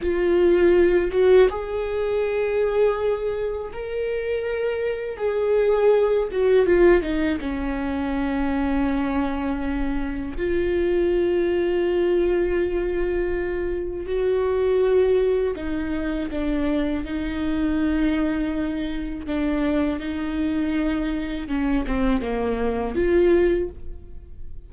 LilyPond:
\new Staff \with { instrumentName = "viola" } { \time 4/4 \tempo 4 = 81 f'4. fis'8 gis'2~ | gis'4 ais'2 gis'4~ | gis'8 fis'8 f'8 dis'8 cis'2~ | cis'2 f'2~ |
f'2. fis'4~ | fis'4 dis'4 d'4 dis'4~ | dis'2 d'4 dis'4~ | dis'4 cis'8 c'8 ais4 f'4 | }